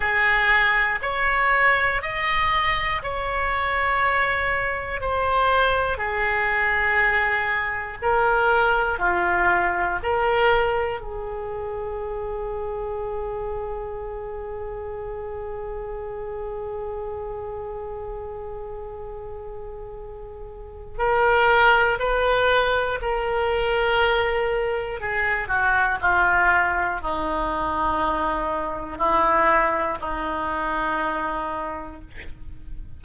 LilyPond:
\new Staff \with { instrumentName = "oboe" } { \time 4/4 \tempo 4 = 60 gis'4 cis''4 dis''4 cis''4~ | cis''4 c''4 gis'2 | ais'4 f'4 ais'4 gis'4~ | gis'1~ |
gis'1~ | gis'4 ais'4 b'4 ais'4~ | ais'4 gis'8 fis'8 f'4 dis'4~ | dis'4 e'4 dis'2 | }